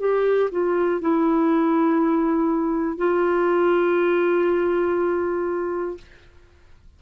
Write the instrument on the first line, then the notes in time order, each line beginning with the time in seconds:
clarinet
0.00 G4
0.51 F4
1.01 E4
2.97 F4